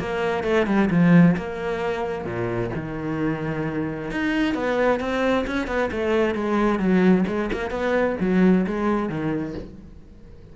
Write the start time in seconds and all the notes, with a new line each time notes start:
0.00 A#3
0.44 A3
0.67 G3
0.91 F3
1.37 A#3
2.25 A#2
2.76 D#3
4.11 D#4
4.55 B3
5.00 C4
5.47 C#4
5.68 B3
5.92 A3
6.35 G#3
6.79 F#3
7.28 G#3
7.53 A#3
7.71 B3
8.21 F#3
8.67 G#3
9.09 D#3